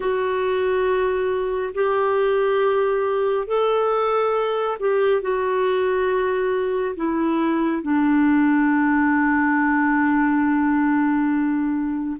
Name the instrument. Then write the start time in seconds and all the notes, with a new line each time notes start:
clarinet
0.00 F#4
1.74 G4
3.47 A4
4.79 G4
5.21 F#4
6.96 E4
7.82 D4